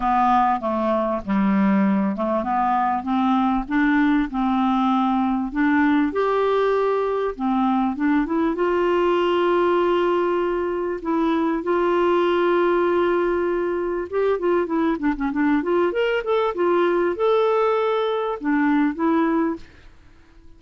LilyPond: \new Staff \with { instrumentName = "clarinet" } { \time 4/4 \tempo 4 = 98 b4 a4 g4. a8 | b4 c'4 d'4 c'4~ | c'4 d'4 g'2 | c'4 d'8 e'8 f'2~ |
f'2 e'4 f'4~ | f'2. g'8 f'8 | e'8 d'16 cis'16 d'8 f'8 ais'8 a'8 f'4 | a'2 d'4 e'4 | }